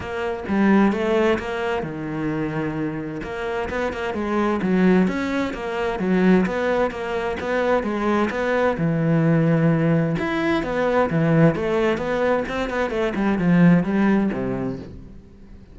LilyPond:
\new Staff \with { instrumentName = "cello" } { \time 4/4 \tempo 4 = 130 ais4 g4 a4 ais4 | dis2. ais4 | b8 ais8 gis4 fis4 cis'4 | ais4 fis4 b4 ais4 |
b4 gis4 b4 e4~ | e2 e'4 b4 | e4 a4 b4 c'8 b8 | a8 g8 f4 g4 c4 | }